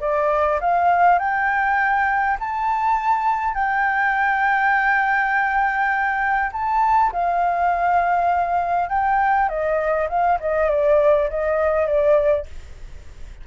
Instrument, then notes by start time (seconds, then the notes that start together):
flute
0.00 D5
0.60 F5
1.19 G5
2.39 A5
3.54 G5
6.52 A5
7.12 F5
8.89 G5
9.48 D#5
10.09 F5
10.39 D#5
10.69 D5
11.29 D#5
11.86 D5